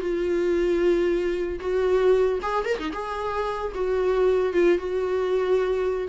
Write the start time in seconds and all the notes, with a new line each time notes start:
0.00 F4
1.60 F#4
2.42 G#4
2.65 A#4
2.79 D#4
2.93 G#4
3.74 F#4
4.53 F4
4.78 F#4